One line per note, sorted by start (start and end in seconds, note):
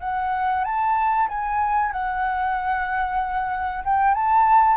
0.00 0.64 F#5
0.64 1.28 A5
1.28 1.92 G#5
1.92 3.84 F#5
3.84 4.14 G5
4.14 4.76 A5